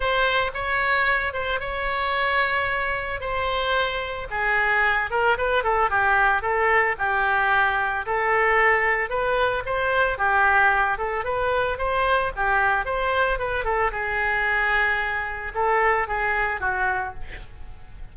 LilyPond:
\new Staff \with { instrumentName = "oboe" } { \time 4/4 \tempo 4 = 112 c''4 cis''4. c''8 cis''4~ | cis''2 c''2 | gis'4. ais'8 b'8 a'8 g'4 | a'4 g'2 a'4~ |
a'4 b'4 c''4 g'4~ | g'8 a'8 b'4 c''4 g'4 | c''4 b'8 a'8 gis'2~ | gis'4 a'4 gis'4 fis'4 | }